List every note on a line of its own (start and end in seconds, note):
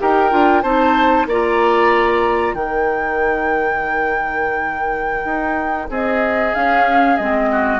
0.00 0.33 D#4
0.00 0.31 G4
0.00 0.63 A#4
0.00 0.63 G5
0.31 0.64 D4
0.31 0.63 F4
0.63 1.27 C4
0.63 1.29 D#4
0.63 1.27 C5
0.63 1.26 A5
1.27 2.54 A#3
1.27 2.58 F4
1.27 2.56 D5
1.27 2.55 A#5
2.54 5.25 D#3
2.54 6.55 D#4
2.54 5.90 A#4
2.54 5.90 G5
5.25 5.89 D#4
5.90 6.54 C4
5.90 7.50 G#4
5.90 6.55 D#5
6.55 7.19 C#4
6.55 7.20 C#4
6.55 7.17 F5
7.17 7.80 G#3
7.17 7.80 C4
7.17 7.80 D#5
7.52 7.80 F#4